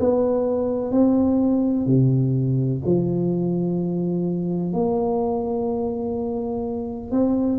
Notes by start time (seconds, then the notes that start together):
0.00 B3
0.91 C4
1.86 C3
2.86 F3
4.73 A#3
7.11 C4